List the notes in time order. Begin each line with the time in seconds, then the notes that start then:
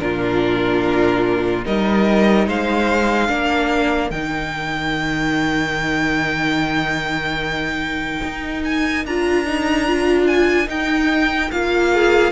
0.00 A#2 D4 F4 A#4
1.65 G3 D#4 A#4 D#5
2.47 G#3 C5 F5
3.28 A#3 D4 A#4
4.11 D#3 D#4 G5
8.23 D#4
8.65 G#5
9.06 D4 F4 A#5
9.46 D#4
9.88 F4
10.27 G#5
10.66 D#4 G5
11.51 A#3 F4 F5
11.94 G#4